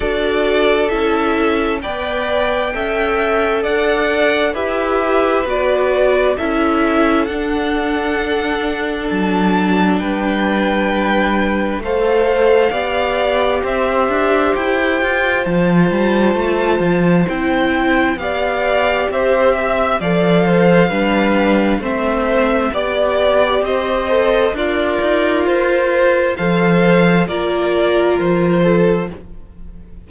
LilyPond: <<
  \new Staff \with { instrumentName = "violin" } { \time 4/4 \tempo 4 = 66 d''4 e''4 g''2 | fis''4 e''4 d''4 e''4 | fis''2 a''4 g''4~ | g''4 f''2 e''4 |
g''4 a''2 g''4 | f''4 e''4 f''2 | e''4 d''4 dis''4 d''4 | c''4 f''4 d''4 c''4 | }
  \new Staff \with { instrumentName = "violin" } { \time 4/4 a'2 d''4 e''4 | d''4 b'2 a'4~ | a'2. b'4~ | b'4 c''4 d''4 c''4~ |
c''1 | d''4 c''8 e''8 d''8 c''8 b'4 | c''4 d''4 c''4 f'4~ | f'4 c''4 ais'4. a'8 | }
  \new Staff \with { instrumentName = "viola" } { \time 4/4 fis'4 e'4 b'4 a'4~ | a'4 g'4 fis'4 e'4 | d'1~ | d'4 a'4 g'2~ |
g'4 f'2 e'4 | g'2 a'4 d'4 | c'4 g'4. a'8 ais'4~ | ais'4 a'4 f'2 | }
  \new Staff \with { instrumentName = "cello" } { \time 4/4 d'4 cis'4 b4 cis'4 | d'4 e'4 b4 cis'4 | d'2 fis4 g4~ | g4 a4 b4 c'8 d'8 |
e'8 f'8 f8 g8 a8 f8 c'4 | b4 c'4 f4 g4 | a4 b4 c'4 d'8 dis'8 | f'4 f4 ais4 f4 | }
>>